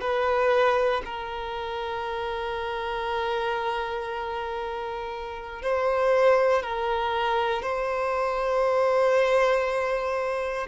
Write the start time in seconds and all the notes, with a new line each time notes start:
0.00 B4
1.04 A#4
5.62 C5
6.62 A#4
7.62 C5